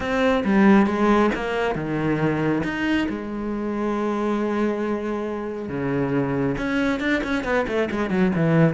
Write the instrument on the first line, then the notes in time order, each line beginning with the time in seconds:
cello
0.00 C4
0.44 G3
0.86 G#3
1.35 A#3
1.75 D#3
2.63 D#4
3.09 G#3
5.69 C#3
6.57 C#4
7.00 D4
7.23 C#4
7.44 B3
7.67 A3
7.91 G#3
8.10 F#3
8.35 E3